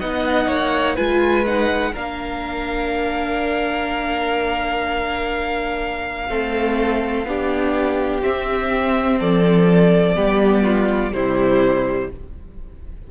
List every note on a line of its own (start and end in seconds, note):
0.00 0.48 B3
0.00 0.97 D#4
0.00 0.47 D#5
0.00 0.97 F#5
0.47 0.96 A#3
0.47 0.95 C#5
0.95 1.95 G#3
0.95 1.45 F4
0.95 1.92 B4
0.95 1.45 G#5
1.47 1.94 D#4
1.47 1.95 F#5
1.92 6.29 A#3
1.92 6.29 D4
1.92 6.28 A#4
1.92 8.23 F5
6.29 7.25 A3
6.29 7.26 C4
6.29 7.27 A4
7.25 8.21 B3
7.25 8.22 D4
7.25 9.19 G4
8.22 10.15 C4
8.22 9.21 C4
8.22 9.20 E5
9.19 10.17 F3
9.19 10.16 A4
9.19 11.13 D5
10.15 11.13 G3
10.15 11.12 B3
10.15 10.64 G4
10.64 11.12 F4
11.13 12.10 C3
11.13 12.11 G3
11.13 12.11 E4
11.13 12.10 C5